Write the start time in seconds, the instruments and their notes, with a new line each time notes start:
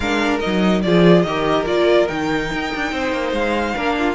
0.00 cello G#3, viola D4, violin A#4 F5
0.39 cello F#3, viola D#4, violin D#5
0.81 cello F3, viola F4, violin G#4 D5
1.22 cello D#3, viola G4, violin A#4 D#5
1.65 cello A#3, viola F4, violin D5
2.07 cello D#3, viola D#4, violin G5
2.52 cello D#4
2.74 cello D4
2.91 cello C4, violin C5
3.12 cello A#3
3.32 cello G#3, violin F5
3.75 cello A#3, viola D4, violin A#4
3.98 violin F4